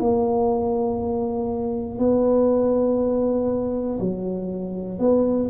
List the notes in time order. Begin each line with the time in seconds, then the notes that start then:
0.00 A#3
1.99 B3
4.00 F#3
5.00 B3